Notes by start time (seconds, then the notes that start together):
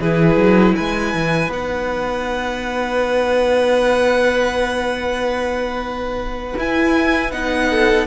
0.00 E3 E4 G#4 B4
0.36 F#3
0.76 G#3 B4 G#5
1.14 E3
1.48 B3 D#4 F#5
6.57 E4 G#5
7.32 B3 D#4 F#5
7.70 A4